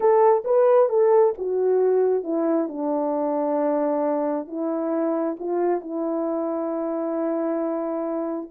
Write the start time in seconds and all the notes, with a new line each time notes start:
0.00 A4
0.44 B4
0.89 A4
1.37 F#4
2.23 E4
2.68 D4
4.47 E4
5.39 F4
5.80 E4